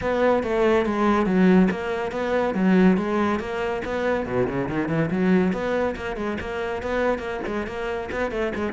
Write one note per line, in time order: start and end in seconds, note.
0.01 0.43 B3
0.43 0.85 A3
0.85 1.26 G#3
1.26 1.68 F#3
1.71 2.11 A#3
2.11 2.54 B3
2.54 2.97 F#3
2.97 3.39 G#3
3.39 3.82 A#3
3.85 4.26 B3
4.26 4.47 B2
4.47 4.68 C#3
4.68 4.88 D#3
4.88 5.09 E3
5.10 5.52 F#3
5.52 5.95 B3
5.96 6.16 A#3
6.16 6.37 G#3
6.40 6.82 A#3
6.82 7.19 B3
7.19 7.40 A#3
7.46 7.67 G#3
7.67 8.09 A#3
8.11 8.31 B3
8.31 8.52 A3
8.55 8.72 G#3